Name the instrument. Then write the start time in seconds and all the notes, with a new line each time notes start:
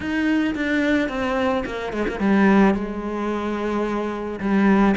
cello
0.00 D#4
0.55 D4
1.09 C4
1.65 A#3
1.92 G#3
2.08 A#3
2.19 G3
2.74 G#3
4.40 G3